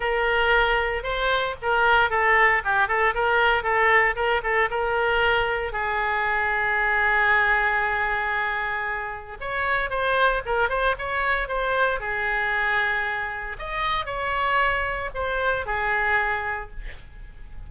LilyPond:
\new Staff \with { instrumentName = "oboe" } { \time 4/4 \tempo 4 = 115 ais'2 c''4 ais'4 | a'4 g'8 a'8 ais'4 a'4 | ais'8 a'8 ais'2 gis'4~ | gis'1~ |
gis'2 cis''4 c''4 | ais'8 c''8 cis''4 c''4 gis'4~ | gis'2 dis''4 cis''4~ | cis''4 c''4 gis'2 | }